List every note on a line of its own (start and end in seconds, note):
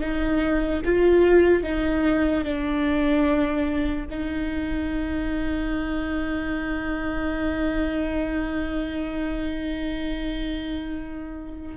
0.00 0.81 D#4
0.85 1.63 F4
1.63 2.44 D#4
2.44 4.06 D4
4.10 11.76 D#4